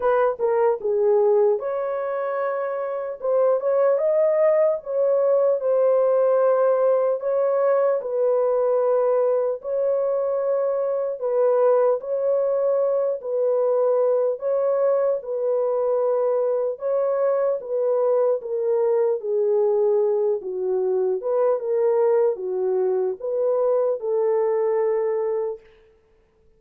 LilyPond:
\new Staff \with { instrumentName = "horn" } { \time 4/4 \tempo 4 = 75 b'8 ais'8 gis'4 cis''2 | c''8 cis''8 dis''4 cis''4 c''4~ | c''4 cis''4 b'2 | cis''2 b'4 cis''4~ |
cis''8 b'4. cis''4 b'4~ | b'4 cis''4 b'4 ais'4 | gis'4. fis'4 b'8 ais'4 | fis'4 b'4 a'2 | }